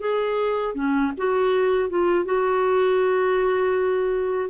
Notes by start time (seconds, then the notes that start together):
0.00 G#4
0.75 C#4
1.17 F#4
1.90 F4
2.25 F#4